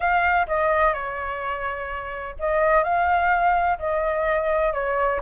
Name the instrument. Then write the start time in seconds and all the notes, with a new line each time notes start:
flute
0.00 F5
0.47 D#5
0.93 C#5
2.39 D#5
2.83 F5
3.78 D#5
4.73 C#5